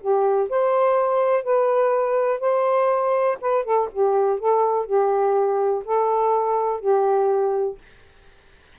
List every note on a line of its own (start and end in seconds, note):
0.00 0.49 G4
0.49 1.43 C5
1.43 2.40 B4
2.40 3.37 C5
3.41 3.64 B4
3.64 3.88 A4
3.92 4.39 G4
4.39 4.86 A4
4.86 5.83 G4
5.84 6.80 A4
6.80 7.78 G4